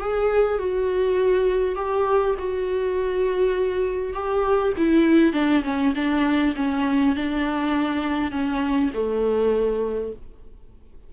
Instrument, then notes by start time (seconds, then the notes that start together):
viola
0.00 G#4
0.59 F#4
1.76 G4
2.38 F#4
4.13 G4
4.77 E4
5.33 D4
5.64 C#4
5.95 D4
6.56 C#4
7.15 D4
8.32 C#4
8.94 A3